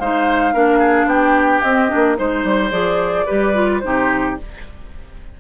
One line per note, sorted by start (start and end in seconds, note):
0.00 0.54 G#3
0.00 0.54 D#4
0.00 0.54 C5
0.00 1.09 F5
0.54 1.05 A#3
0.54 1.63 D4
0.54 0.79 A#4
0.79 1.06 G#4
1.05 1.60 B3
1.05 2.18 G4
1.05 1.62 G5
1.62 1.91 C4
1.62 1.88 C4
1.62 2.17 D#5
1.88 2.16 D4
1.95 2.19 A#3
2.16 2.44 G#3
2.16 2.70 D#4
2.16 3.26 C5
2.16 2.71 C5
2.44 2.71 G3
2.71 3.26 F3
2.71 3.26 G#4
2.71 3.80 D5
3.26 3.84 G3
3.26 3.54 G4
3.26 3.81 B4
3.54 3.82 F4
3.80 4.38 C3
3.80 4.37 D#4
3.80 4.40 G4
3.80 4.34 C5